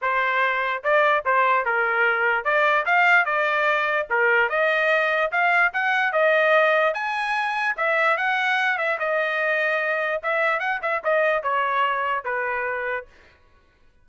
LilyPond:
\new Staff \with { instrumentName = "trumpet" } { \time 4/4 \tempo 4 = 147 c''2 d''4 c''4 | ais'2 d''4 f''4 | d''2 ais'4 dis''4~ | dis''4 f''4 fis''4 dis''4~ |
dis''4 gis''2 e''4 | fis''4. e''8 dis''2~ | dis''4 e''4 fis''8 e''8 dis''4 | cis''2 b'2 | }